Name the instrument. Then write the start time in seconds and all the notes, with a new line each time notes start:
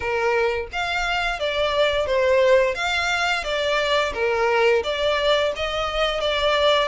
violin
0.00 A#4
0.72 F5
1.39 D5
2.06 C5
2.75 F5
3.44 D5
4.13 A#4
4.83 D5
5.55 D#5
6.20 D5